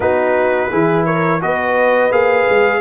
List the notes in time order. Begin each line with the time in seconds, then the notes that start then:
0.00 B3 D#4 F#4 B4
0.69 E3 E4 G#4
1.05 A#4 C#5
1.41 B3 F#4 B4 D#5
2.11 A#3 G#4 F5
2.49 G#3